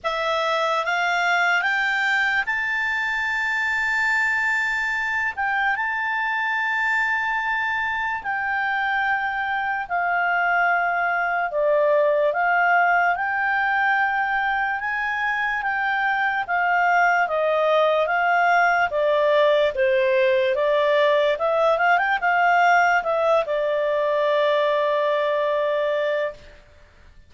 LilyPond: \new Staff \with { instrumentName = "clarinet" } { \time 4/4 \tempo 4 = 73 e''4 f''4 g''4 a''4~ | a''2~ a''8 g''8 a''4~ | a''2 g''2 | f''2 d''4 f''4 |
g''2 gis''4 g''4 | f''4 dis''4 f''4 d''4 | c''4 d''4 e''8 f''16 g''16 f''4 | e''8 d''2.~ d''8 | }